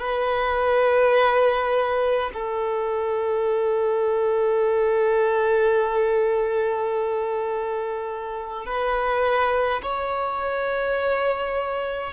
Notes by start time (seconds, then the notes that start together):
0.00 B4
2.33 A4
8.66 B4
9.82 C#5